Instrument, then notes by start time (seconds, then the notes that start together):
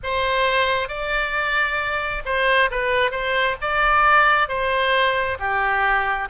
oboe
0.03 C5
0.88 D5
2.25 C5
2.70 B4
3.11 C5
3.61 D5
4.48 C5
5.39 G4